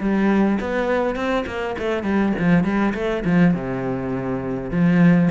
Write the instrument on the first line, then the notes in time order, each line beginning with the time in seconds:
cello
0.00 G3
0.60 B3
1.16 C4
1.46 A#3
1.78 A3
2.03 G3
2.39 F3
2.64 G3
2.94 A3
3.25 F3
3.54 C3
4.71 F3